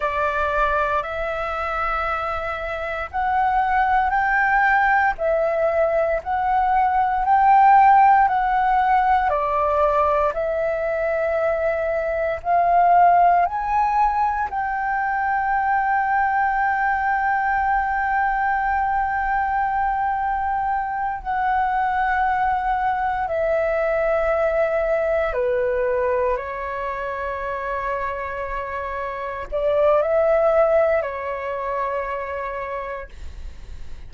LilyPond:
\new Staff \with { instrumentName = "flute" } { \time 4/4 \tempo 4 = 58 d''4 e''2 fis''4 | g''4 e''4 fis''4 g''4 | fis''4 d''4 e''2 | f''4 gis''4 g''2~ |
g''1~ | g''8 fis''2 e''4.~ | e''8 b'4 cis''2~ cis''8~ | cis''8 d''8 e''4 cis''2 | }